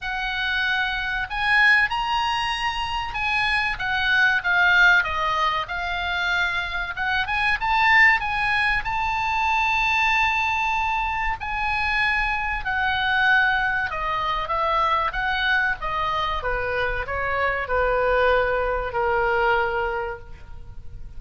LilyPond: \new Staff \with { instrumentName = "oboe" } { \time 4/4 \tempo 4 = 95 fis''2 gis''4 ais''4~ | ais''4 gis''4 fis''4 f''4 | dis''4 f''2 fis''8 gis''8 | a''4 gis''4 a''2~ |
a''2 gis''2 | fis''2 dis''4 e''4 | fis''4 dis''4 b'4 cis''4 | b'2 ais'2 | }